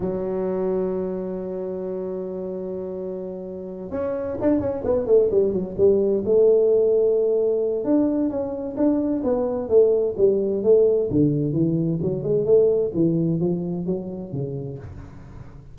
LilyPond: \new Staff \with { instrumentName = "tuba" } { \time 4/4 \tempo 4 = 130 fis1~ | fis1~ | fis8 cis'4 d'8 cis'8 b8 a8 g8 | fis8 g4 a2~ a8~ |
a4 d'4 cis'4 d'4 | b4 a4 g4 a4 | d4 e4 fis8 gis8 a4 | e4 f4 fis4 cis4 | }